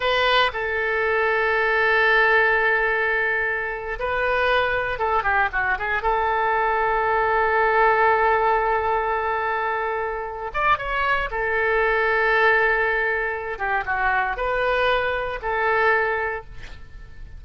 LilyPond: \new Staff \with { instrumentName = "oboe" } { \time 4/4 \tempo 4 = 117 b'4 a'2.~ | a'2.~ a'8. b'16~ | b'4.~ b'16 a'8 g'8 fis'8 gis'8 a'16~ | a'1~ |
a'1~ | a'8 d''8 cis''4 a'2~ | a'2~ a'8 g'8 fis'4 | b'2 a'2 | }